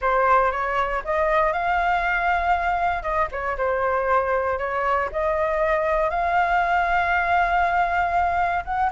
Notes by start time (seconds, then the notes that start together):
0.01 C5
0.51 C#5
1.04 D#5
1.53 F5
3.02 D#5
3.31 C#5
3.57 C5
4.58 C#5
5.11 D#5
6.09 F5
8.64 F#5